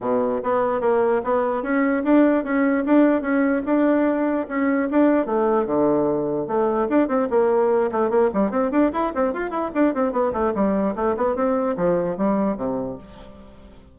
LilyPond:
\new Staff \with { instrumentName = "bassoon" } { \time 4/4 \tempo 4 = 148 b,4 b4 ais4 b4 | cis'4 d'4 cis'4 d'4 | cis'4 d'2 cis'4 | d'4 a4 d2 |
a4 d'8 c'8 ais4. a8 | ais8 g8 c'8 d'8 e'8 c'8 f'8 e'8 | d'8 c'8 b8 a8 g4 a8 b8 | c'4 f4 g4 c4 | }